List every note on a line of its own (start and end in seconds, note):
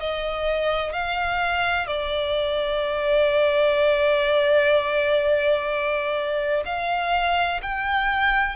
0.00 0.93 D#5
0.93 1.87 F5
1.87 6.64 D5
6.66 7.61 F5
7.63 8.57 G5